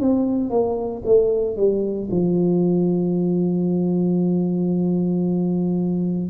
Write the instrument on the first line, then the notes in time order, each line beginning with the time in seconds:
tuba
0.00 C4
0.50 A#3
1.06 A3
1.57 G3
2.11 F3